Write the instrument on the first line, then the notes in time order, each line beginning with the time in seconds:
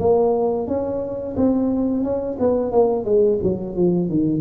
tuba
0.00 A#3
0.68 C#4
1.37 C4
2.04 C#4
2.40 B3
2.72 A#3
3.05 G#3
3.43 F#3
3.76 F3
4.10 D#3